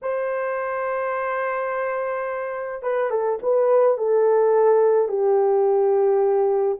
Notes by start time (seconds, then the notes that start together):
0.02 C5
2.82 B4
3.10 A4
3.42 B4
3.97 A4
5.08 G4